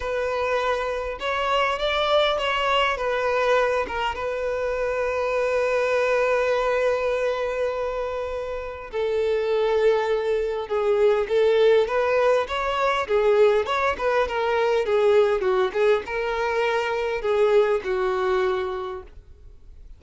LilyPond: \new Staff \with { instrumentName = "violin" } { \time 4/4 \tempo 4 = 101 b'2 cis''4 d''4 | cis''4 b'4. ais'8 b'4~ | b'1~ | b'2. a'4~ |
a'2 gis'4 a'4 | b'4 cis''4 gis'4 cis''8 b'8 | ais'4 gis'4 fis'8 gis'8 ais'4~ | ais'4 gis'4 fis'2 | }